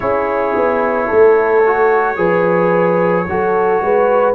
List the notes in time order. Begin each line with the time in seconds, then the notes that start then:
0.00 C#4 E4 G#4 C#5
0.55 B3
1.07 A3 A4
1.65 F#4
2.16 F3 G#4 B4
3.26 F#3 F#4 A4
3.81 G#3 B4